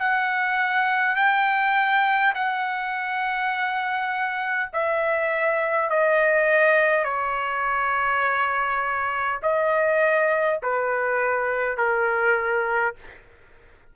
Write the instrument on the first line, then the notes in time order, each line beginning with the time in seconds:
trumpet
0.00 F#5
1.16 G5
2.35 F#5
4.74 E5
5.90 D#5
7.05 C#5
9.43 D#5
10.63 B4
11.78 A#4